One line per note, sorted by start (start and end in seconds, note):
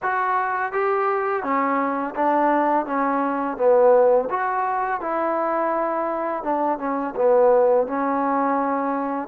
0.02 0.72 F#4
0.72 1.43 G4
1.43 2.14 C#4
2.15 2.86 D4
2.86 3.57 C#4
3.57 4.28 B3
4.30 5.00 F#4
5.00 6.43 E4
6.43 6.78 D4
6.78 7.14 C#4
7.15 7.87 B3
7.87 9.28 C#4